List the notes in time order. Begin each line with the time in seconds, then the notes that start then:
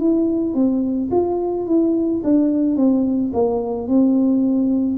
0.00 E4
0.55 C4
1.11 F4
1.67 E4
2.24 D4
2.76 C4
3.34 A#3
3.88 C4